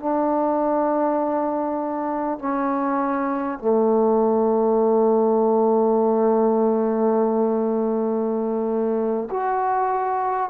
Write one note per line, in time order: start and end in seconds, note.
0.00 2.39 D4
2.39 3.59 C#4
3.59 9.29 A3
9.31 10.51 F#4